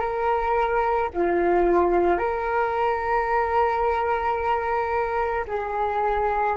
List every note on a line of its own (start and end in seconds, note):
0.00 1.09 A#4
1.13 2.18 F4
2.18 5.45 A#4
5.47 6.56 G#4